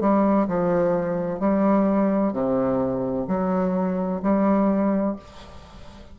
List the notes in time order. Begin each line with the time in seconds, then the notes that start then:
0.00 G3
0.47 F3
1.39 G3
2.32 C3
3.27 F#3
4.22 G3